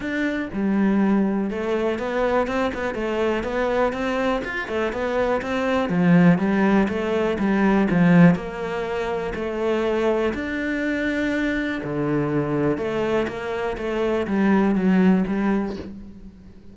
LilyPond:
\new Staff \with { instrumentName = "cello" } { \time 4/4 \tempo 4 = 122 d'4 g2 a4 | b4 c'8 b8 a4 b4 | c'4 f'8 a8 b4 c'4 | f4 g4 a4 g4 |
f4 ais2 a4~ | a4 d'2. | d2 a4 ais4 | a4 g4 fis4 g4 | }